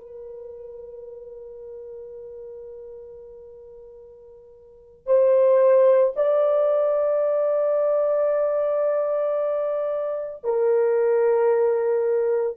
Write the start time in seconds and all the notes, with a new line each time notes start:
0.00 A#4
5.06 C5
6.16 D5
10.44 A#4